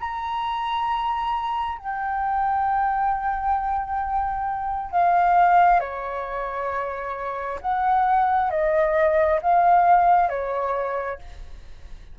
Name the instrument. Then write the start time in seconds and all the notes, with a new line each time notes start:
flute
0.00 A#5
1.78 G5
4.92 F5
5.80 C#5
7.62 F#5
8.51 D#5
9.42 F5
10.29 C#5